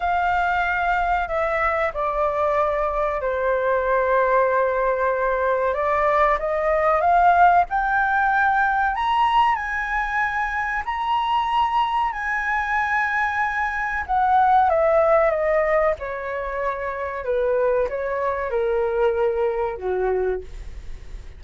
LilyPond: \new Staff \with { instrumentName = "flute" } { \time 4/4 \tempo 4 = 94 f''2 e''4 d''4~ | d''4 c''2.~ | c''4 d''4 dis''4 f''4 | g''2 ais''4 gis''4~ |
gis''4 ais''2 gis''4~ | gis''2 fis''4 e''4 | dis''4 cis''2 b'4 | cis''4 ais'2 fis'4 | }